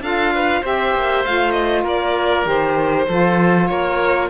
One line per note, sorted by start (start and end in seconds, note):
0.00 0.61 D4
0.00 0.63 F4
0.00 0.34 A4
0.00 0.64 F5
0.35 0.61 B4
0.61 0.94 C4
0.61 1.24 G4
0.61 1.83 C5
0.61 1.25 E5
0.94 1.25 A#3
1.25 1.84 A3
1.25 2.44 F4
1.25 1.51 F5
1.51 1.82 D#5
1.83 2.45 A#3
1.83 3.05 A#4
1.83 2.48 D5
2.44 3.06 D#3
2.44 3.05 G4
2.44 3.66 C5
3.07 3.70 F3
3.07 4.30 F4
3.07 3.69 A4
3.66 4.30 A#3
3.66 4.30 A#4
3.66 4.28 C#5